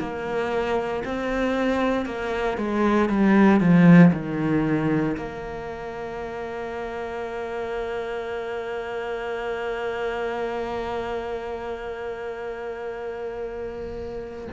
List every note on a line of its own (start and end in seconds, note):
0.00 1.03 A#3
1.05 2.06 C4
2.06 2.58 A#3
2.58 3.09 G#3
3.09 3.60 G3
3.60 4.12 F3
4.13 5.16 D#3
5.17 14.48 A#3